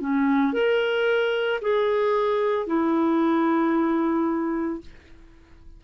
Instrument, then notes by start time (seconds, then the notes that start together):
clarinet
0.00 C#4
0.53 A#4
1.61 G#4
2.66 E4